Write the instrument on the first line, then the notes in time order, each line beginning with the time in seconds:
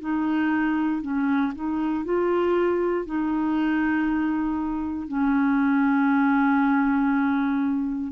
clarinet
0.00 D#4
1.02 C#4
1.55 D#4
2.04 F4
3.06 D#4
5.08 C#4